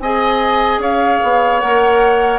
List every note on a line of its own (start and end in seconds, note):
0.00 0.79 C4
0.00 1.62 G#4
0.00 0.81 D#5
0.00 0.81 G#5
0.79 1.19 C#4
0.79 2.40 C#5
0.79 1.60 F5
1.24 1.63 B3
1.60 2.40 A#3
1.60 2.40 A#4
1.60 2.40 F#5